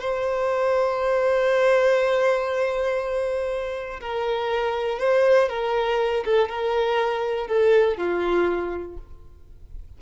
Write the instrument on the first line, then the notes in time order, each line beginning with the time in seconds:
violin
0.00 C5
4.00 A#4
4.99 C5
5.49 A#4
6.25 A4
6.49 A#4
7.47 A4
7.97 F4